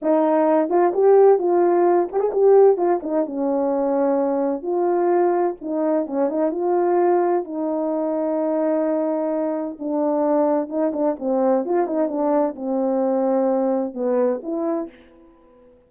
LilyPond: \new Staff \with { instrumentName = "horn" } { \time 4/4 \tempo 4 = 129 dis'4. f'8 g'4 f'4~ | f'8 g'16 gis'16 g'4 f'8 dis'8 cis'4~ | cis'2 f'2 | dis'4 cis'8 dis'8 f'2 |
dis'1~ | dis'4 d'2 dis'8 d'8 | c'4 f'8 dis'8 d'4 c'4~ | c'2 b4 e'4 | }